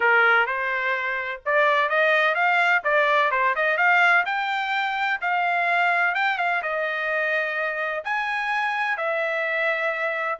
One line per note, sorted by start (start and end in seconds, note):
0.00 0.46 A#4
0.46 1.41 C5
1.45 1.89 D5
1.89 2.34 D#5
2.34 2.82 F5
2.84 3.31 D5
3.31 3.55 C5
3.55 3.77 D#5
3.77 4.24 F5
4.25 5.20 G5
5.21 6.14 F5
6.14 6.38 G5
6.38 6.61 F5
6.62 8.04 D#5
8.04 8.97 G#5
8.97 10.39 E5